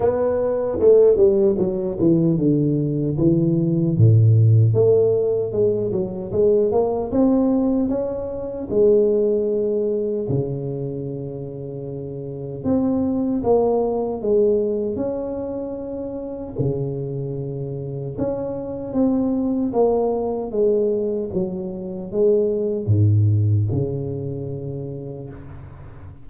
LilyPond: \new Staff \with { instrumentName = "tuba" } { \time 4/4 \tempo 4 = 76 b4 a8 g8 fis8 e8 d4 | e4 a,4 a4 gis8 fis8 | gis8 ais8 c'4 cis'4 gis4~ | gis4 cis2. |
c'4 ais4 gis4 cis'4~ | cis'4 cis2 cis'4 | c'4 ais4 gis4 fis4 | gis4 gis,4 cis2 | }